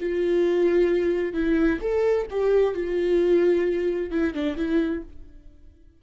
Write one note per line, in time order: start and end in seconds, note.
0.00 1.34 F4
1.34 1.79 E4
1.81 2.27 A4
2.30 2.74 G4
2.74 4.11 F4
4.11 4.34 E4
4.34 4.56 D4
4.56 5.02 E4